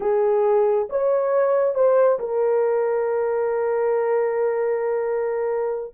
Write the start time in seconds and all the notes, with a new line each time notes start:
0.00 G#4
0.89 C#5
1.74 C5
2.19 A#4